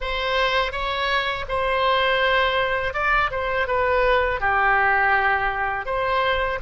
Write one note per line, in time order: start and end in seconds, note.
0.00 0.72 C5
0.72 1.45 C#5
1.48 2.93 C5
2.93 3.30 D5
3.31 3.67 C5
3.67 4.40 B4
4.40 5.85 G4
5.85 6.59 C5